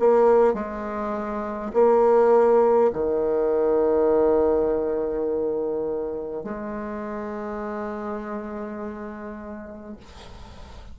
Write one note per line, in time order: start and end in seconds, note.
0.00 0.54 A#3
0.54 1.72 G#3
1.74 2.91 A#3
2.93 6.44 D#3
6.44 9.97 G#3